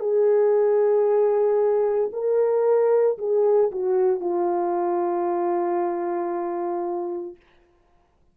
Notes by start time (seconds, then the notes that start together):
0.00 G#4
2.12 A#4
3.18 G#4
3.71 F#4
4.20 F4